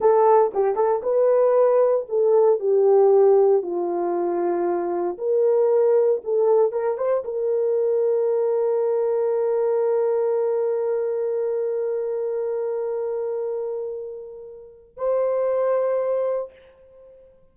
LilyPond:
\new Staff \with { instrumentName = "horn" } { \time 4/4 \tempo 4 = 116 a'4 g'8 a'8 b'2 | a'4 g'2 f'4~ | f'2 ais'2 | a'4 ais'8 c''8 ais'2~ |
ais'1~ | ais'1~ | ais'1~ | ais'4 c''2. | }